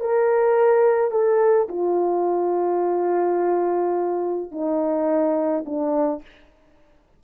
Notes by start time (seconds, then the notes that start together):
0.00 A#4
1.11 A4
1.69 F4
4.52 D#4
5.66 D4